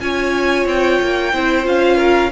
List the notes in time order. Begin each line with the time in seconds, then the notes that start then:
0.00 C#4 F4 C#5 G#5
0.66 C4 G5
1.01 A#3
1.33 C4 E4 C5
1.64 C#4 F4 F5
1.97 A#4